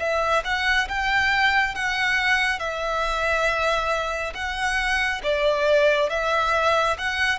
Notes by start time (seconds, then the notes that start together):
0.00 E5
0.45 F#5
0.89 G5
1.75 F#5
2.60 E5
4.35 F#5
5.24 D5
6.10 E5
6.98 F#5